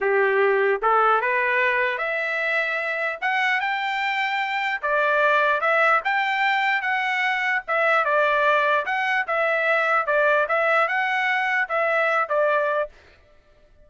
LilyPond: \new Staff \with { instrumentName = "trumpet" } { \time 4/4 \tempo 4 = 149 g'2 a'4 b'4~ | b'4 e''2. | fis''4 g''2. | d''2 e''4 g''4~ |
g''4 fis''2 e''4 | d''2 fis''4 e''4~ | e''4 d''4 e''4 fis''4~ | fis''4 e''4. d''4. | }